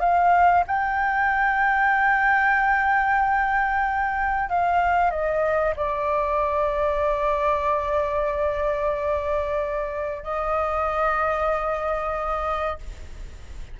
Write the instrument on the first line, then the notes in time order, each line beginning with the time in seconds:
flute
0.00 F5
0.67 G5
4.49 F5
5.11 D#5
5.76 D5
10.23 D#5